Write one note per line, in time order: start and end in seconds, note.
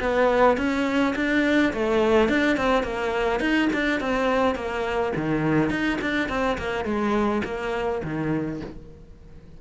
0.00 0.57 B3
0.57 1.14 C#4
1.16 1.73 D4
1.73 2.29 A3
2.29 2.57 D4
2.57 2.83 C4
2.83 3.40 A#3
3.40 3.68 D#4
3.73 4.01 D4
4.01 4.55 C4
4.55 5.12 A#3
5.16 5.70 D#3
5.70 5.98 D#4
6.01 6.29 D4
6.29 6.57 C4
6.58 6.85 A#3
6.85 7.42 G#3
7.44 8.01 A#3
8.04 8.61 D#3